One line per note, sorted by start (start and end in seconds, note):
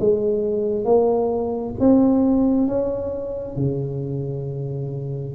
0.00 0.85 G#3
0.85 1.75 A#3
1.80 2.67 C4
2.67 3.56 C#4
3.56 5.35 C#3